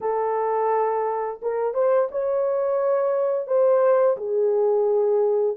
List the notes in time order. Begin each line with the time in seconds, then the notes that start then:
0.00 A4
1.41 A#4
1.74 C5
2.11 C#5
3.47 C5
4.17 G#4